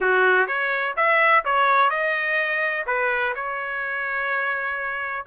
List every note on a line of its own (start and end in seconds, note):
0.00 0.47 F#4
0.47 0.94 C#5
0.96 1.44 E5
1.44 1.90 C#5
1.90 2.85 D#5
2.86 3.34 B4
3.35 5.25 C#5